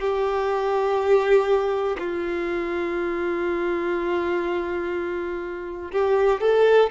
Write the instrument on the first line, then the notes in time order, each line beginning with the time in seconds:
violin
0.00 G4
1.98 F4
5.92 G4
6.41 A4